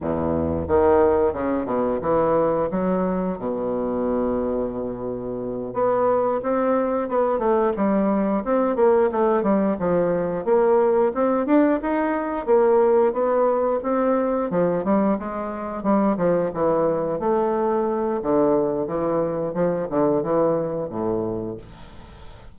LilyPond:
\new Staff \with { instrumentName = "bassoon" } { \time 4/4 \tempo 4 = 89 e,4 dis4 cis8 b,8 e4 | fis4 b,2.~ | b,8 b4 c'4 b8 a8 g8~ | g8 c'8 ais8 a8 g8 f4 ais8~ |
ais8 c'8 d'8 dis'4 ais4 b8~ | b8 c'4 f8 g8 gis4 g8 | f8 e4 a4. d4 | e4 f8 d8 e4 a,4 | }